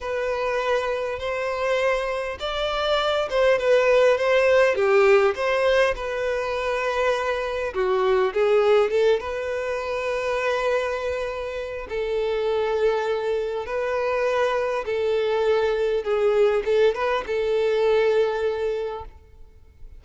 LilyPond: \new Staff \with { instrumentName = "violin" } { \time 4/4 \tempo 4 = 101 b'2 c''2 | d''4. c''8 b'4 c''4 | g'4 c''4 b'2~ | b'4 fis'4 gis'4 a'8 b'8~ |
b'1 | a'2. b'4~ | b'4 a'2 gis'4 | a'8 b'8 a'2. | }